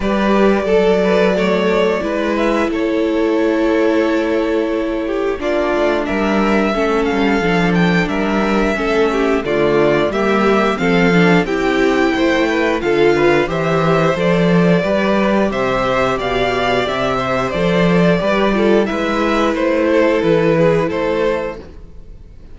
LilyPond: <<
  \new Staff \with { instrumentName = "violin" } { \time 4/4 \tempo 4 = 89 d''2.~ d''8 e''8 | cis''1 | d''4 e''4. f''4 g''8 | e''2 d''4 e''4 |
f''4 g''2 f''4 | e''4 d''2 e''4 | f''4 e''4 d''2 | e''4 c''4 b'4 c''4 | }
  \new Staff \with { instrumentName = "violin" } { \time 4/4 b'4 a'8 b'8 cis''4 b'4 | a'2.~ a'8 g'8 | f'4 ais'4 a'2 | ais'4 a'8 g'8 f'4 g'4 |
a'4 g'4 c''8 b'8 a'8 b'8 | c''2 b'4 c''4 | d''4. c''4. b'8 a'8 | b'4. a'4 gis'8 a'4 | }
  \new Staff \with { instrumentName = "viola" } { \time 4/4 g'4 a'4 a4 e'4~ | e'1 | d'2 cis'4 d'4~ | d'4 cis'4 a4 ais4 |
c'8 d'8 e'2 f'4 | g'4 a'4 g'2~ | g'2 a'4 g'8 f'8 | e'1 | }
  \new Staff \with { instrumentName = "cello" } { \time 4/4 g4 fis2 gis4 | a1 | ais8 a8 g4 a8 g8 f4 | g4 a4 d4 g4 |
f4 c'4 a4 d4 | e4 f4 g4 c4 | b,4 c4 f4 g4 | gis4 a4 e4 a4 | }
>>